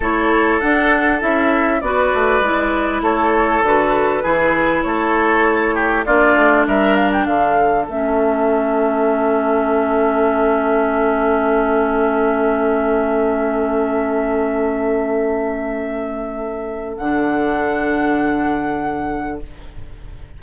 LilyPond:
<<
  \new Staff \with { instrumentName = "flute" } { \time 4/4 \tempo 4 = 99 cis''4 fis''4 e''4 d''4~ | d''4 cis''4 b'2 | cis''2 d''4 e''8 f''16 g''16 | f''4 e''2.~ |
e''1~ | e''1~ | e''1 | fis''1 | }
  \new Staff \with { instrumentName = "oboe" } { \time 4/4 a'2. b'4~ | b'4 a'2 gis'4 | a'4. g'8 f'4 ais'4 | a'1~ |
a'1~ | a'1~ | a'1~ | a'1 | }
  \new Staff \with { instrumentName = "clarinet" } { \time 4/4 e'4 d'4 e'4 fis'4 | e'2 fis'4 e'4~ | e'2 d'2~ | d'4 cis'2.~ |
cis'1~ | cis'1~ | cis'1 | d'1 | }
  \new Staff \with { instrumentName = "bassoon" } { \time 4/4 a4 d'4 cis'4 b8 a8 | gis4 a4 d4 e4 | a2 ais8 a8 g4 | d4 a2.~ |
a1~ | a1~ | a1 | d1 | }
>>